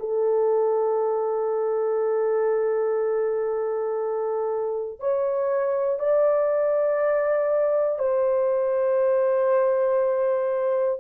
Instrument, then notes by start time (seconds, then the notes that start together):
horn
0.00 A4
5.00 C#5
5.99 D5
7.99 C5